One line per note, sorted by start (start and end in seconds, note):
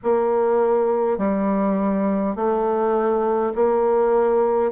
0.03 1.18 A#3
1.18 2.35 G3
2.35 3.53 A3
3.55 4.71 A#3